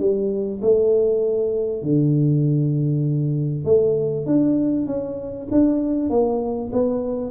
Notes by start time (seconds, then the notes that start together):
0.00 G3
0.62 A3
1.83 D3
3.65 A3
4.26 D4
4.87 C#4
5.52 D4
6.10 A#3
6.73 B3